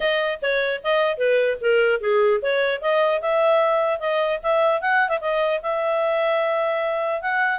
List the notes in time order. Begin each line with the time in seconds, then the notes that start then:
0.00 D#5
0.41 C#5
0.83 D#5
1.17 B4
1.60 A#4
2.00 G#4
2.42 C#5
2.81 D#5
3.21 E5
3.99 D#5
4.43 E5
4.81 F#5
5.08 E5
5.20 D#5
5.62 E5
7.21 F#5